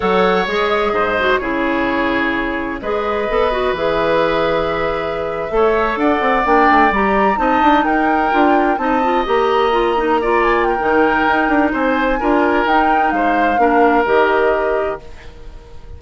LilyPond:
<<
  \new Staff \with { instrumentName = "flute" } { \time 4/4 \tempo 4 = 128 fis''4 dis''2 cis''4~ | cis''2 dis''2 | e''1~ | e''8. fis''4 g''4 ais''4 a''16~ |
a''8. g''2 a''4 ais''16~ | ais''2~ ais''16 gis''8 g''4~ g''16~ | g''4 gis''2 g''4 | f''2 dis''2 | }
  \new Staff \with { instrumentName = "oboe" } { \time 4/4 cis''2 c''4 gis'4~ | gis'2 b'2~ | b'2.~ b'8. cis''16~ | cis''8. d''2. dis''16~ |
dis''8. ais'2 dis''4~ dis''16~ | dis''4.~ dis''16 d''4 ais'4~ ais'16~ | ais'4 c''4 ais'2 | c''4 ais'2. | }
  \new Staff \with { instrumentName = "clarinet" } { \time 4/4 a'4 gis'4. fis'8 e'4~ | e'2 gis'4 a'8 fis'8 | gis'2.~ gis'8. a'16~ | a'4.~ a'16 d'4 g'4 dis'16~ |
dis'4.~ dis'16 f'4 dis'8 f'8 g'16~ | g'8. f'8 dis'8 f'4~ f'16 dis'4~ | dis'2 f'4 dis'4~ | dis'4 d'4 g'2 | }
  \new Staff \with { instrumentName = "bassoon" } { \time 4/4 fis4 gis4 gis,4 cis4~ | cis2 gis4 b4 | e2.~ e8. a16~ | a8. d'8 c'8 ais8 a8 g4 c'16~ |
c'16 d'8 dis'4 d'4 c'4 ais16~ | ais2. dis4 | dis'8 d'8 c'4 d'4 dis'4 | gis4 ais4 dis2 | }
>>